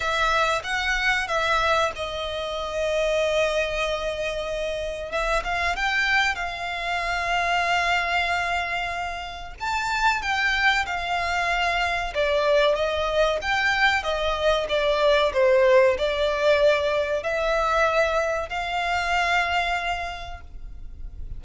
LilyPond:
\new Staff \with { instrumentName = "violin" } { \time 4/4 \tempo 4 = 94 e''4 fis''4 e''4 dis''4~ | dis''1 | e''8 f''8 g''4 f''2~ | f''2. a''4 |
g''4 f''2 d''4 | dis''4 g''4 dis''4 d''4 | c''4 d''2 e''4~ | e''4 f''2. | }